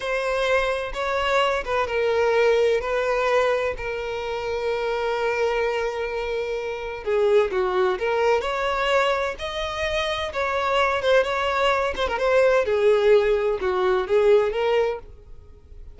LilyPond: \new Staff \with { instrumentName = "violin" } { \time 4/4 \tempo 4 = 128 c''2 cis''4. b'8 | ais'2 b'2 | ais'1~ | ais'2. gis'4 |
fis'4 ais'4 cis''2 | dis''2 cis''4. c''8 | cis''4. c''16 ais'16 c''4 gis'4~ | gis'4 fis'4 gis'4 ais'4 | }